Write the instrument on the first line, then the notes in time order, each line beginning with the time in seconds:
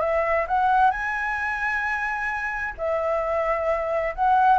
flute
0.00 E5
0.47 F#5
0.91 G#5
2.77 E5
4.15 F#5